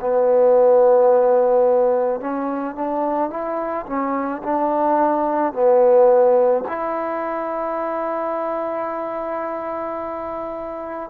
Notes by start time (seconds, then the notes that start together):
0.00 B3
2.20 C#4
2.75 D4
3.30 E4
3.86 C#4
4.43 D4
5.53 B3
6.68 E4